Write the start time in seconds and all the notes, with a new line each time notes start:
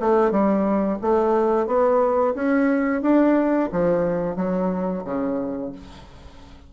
0.00 A3
0.31 G3
1.01 A3
1.67 B3
2.35 C#4
3.02 D4
3.72 F3
4.36 F#3
5.04 C#3